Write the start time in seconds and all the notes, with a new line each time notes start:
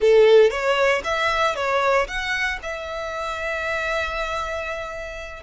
0.00 A4
0.50 C#5
1.03 E5
1.55 C#5
2.07 F#5
2.62 E5